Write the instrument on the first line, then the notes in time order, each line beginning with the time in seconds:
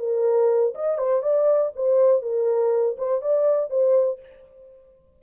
horn
0.00 A#4
0.75 D#5
0.98 C5
1.23 D5
1.76 C5
2.23 A#4
2.98 C5
3.22 D5
3.71 C5